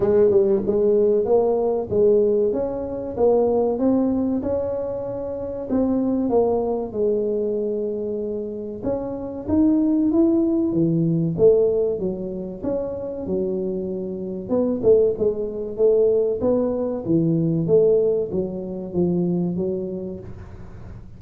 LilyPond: \new Staff \with { instrumentName = "tuba" } { \time 4/4 \tempo 4 = 95 gis8 g8 gis4 ais4 gis4 | cis'4 ais4 c'4 cis'4~ | cis'4 c'4 ais4 gis4~ | gis2 cis'4 dis'4 |
e'4 e4 a4 fis4 | cis'4 fis2 b8 a8 | gis4 a4 b4 e4 | a4 fis4 f4 fis4 | }